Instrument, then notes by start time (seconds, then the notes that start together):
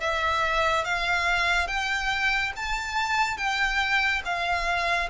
violin
0.00 E5
0.84 F5
1.67 G5
2.56 A5
3.37 G5
4.24 F5